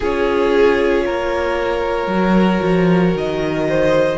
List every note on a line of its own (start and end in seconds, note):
0.00 1.07 C#4
0.00 2.12 F4
0.00 1.04 G#4
0.00 3.17 C#5
1.05 2.07 A#3
1.05 3.68 A#4
2.07 2.59 F#3
2.07 4.18 F#4
2.62 3.14 F3
3.14 4.18 D#3
3.14 4.18 D#5
3.68 4.18 C5